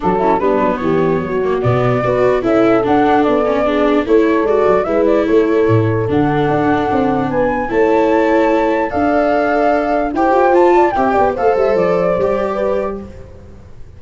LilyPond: <<
  \new Staff \with { instrumentName = "flute" } { \time 4/4 \tempo 4 = 148 a'4 b'4 cis''2 | d''2 e''4 fis''4 | d''2 cis''4 d''4 | e''8 d''8 cis''2 fis''4~ |
fis''2 gis''4 a''4~ | a''2 f''2~ | f''4 g''4 a''4 g''4 | f''8 e''8 d''2. | }
  \new Staff \with { instrumentName = "horn" } { \time 4/4 fis'8 e'8 d'4 g'4 fis'4~ | fis'4 b'4 a'2~ | a'4 gis'4 a'2 | b'4 a'2.~ |
a'2 b'4 cis''4~ | cis''2 d''2~ | d''4 c''4. d''8 e''8 d''8 | c''2. b'4 | }
  \new Staff \with { instrumentName = "viola" } { \time 4/4 d'8 cis'8 b2~ b8 ais8 | b4 fis'4 e'4 d'4~ | d'8 cis'8 d'4 e'4 fis'4 | e'2. d'4~ |
d'2. e'4~ | e'2 a'2~ | a'4 g'4 f'4 g'4 | a'2 g'2 | }
  \new Staff \with { instrumentName = "tuba" } { \time 4/4 fis4 g8 fis8 e4 fis4 | b,4 b4 cis'4 d'4 | b2 a4 gis8 fis8 | gis4 a4 a,4 d4 |
d'4 c'4 b4 a4~ | a2 d'2~ | d'4 e'8 f'4. c'8 b8 | a8 g8 f4 g2 | }
>>